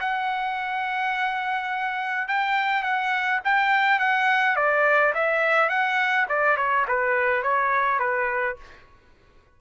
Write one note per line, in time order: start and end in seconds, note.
0.00 2.28 F#5
2.28 2.83 G5
2.83 3.40 F#5
3.44 3.99 G5
3.99 4.56 F#5
4.56 5.13 D5
5.14 5.69 E5
5.69 6.26 F#5
6.29 6.57 D5
6.57 6.85 C#5
6.88 7.43 B4
7.43 7.99 C#5
7.99 8.56 B4